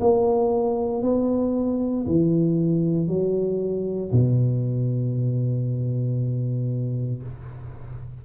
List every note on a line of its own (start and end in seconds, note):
0.00 1.03 A#3
1.03 2.06 B3
2.06 3.08 E3
3.08 4.11 F#3
4.12 7.22 B2